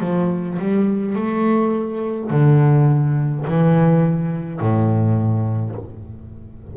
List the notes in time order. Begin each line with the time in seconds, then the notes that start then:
0.00 F3
0.58 G3
1.15 A3
2.30 D3
3.47 E3
4.60 A2